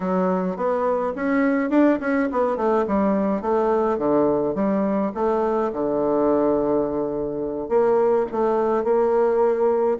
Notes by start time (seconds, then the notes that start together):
0.00 F#3
0.56 B3
1.15 C#4
1.70 D4
2.00 C#4
2.31 B3
2.56 A3
2.87 G3
3.41 A3
3.98 D3
4.54 G3
5.14 A3
5.72 D3
7.68 A#3
8.31 A3
8.83 A#3